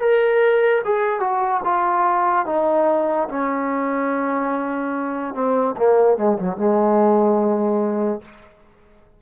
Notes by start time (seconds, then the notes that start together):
0.00 A#4
0.85 G#4
1.20 F#4
1.64 F4
2.46 D#4
3.29 C#4
5.35 C4
5.77 A#3
6.18 G#3
6.38 F#3
6.58 G#3